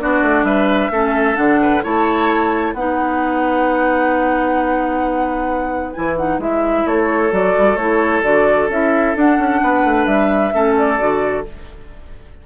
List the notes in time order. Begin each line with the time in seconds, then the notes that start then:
0.00 B3 D4 F#4 D5
0.22 A3
0.43 G3 B4 E5
0.91 A3 C#4 A4
1.35 D3 D4 F#5
1.62 B4
1.83 A3 E4 C#5 A5
2.73 B3 D#4 B4 F#5
5.93 E3 E4 G#5
6.17 D#4 F#5
6.38 G#3 E4 E5
6.86 A3 A4 C#5
7.31 F#3 F#4 D5
7.58 G3
7.76 A3 E4 C#5
8.23 D3 F#4 D5
8.69 C#4 E4 E5
9.15 D4 F#5
9.38 C#4
9.62 B3 B4
9.84 A3
10.06 G3 E5
10.52 A3 C#4 A4
10.78 D5
10.98 D3 F#4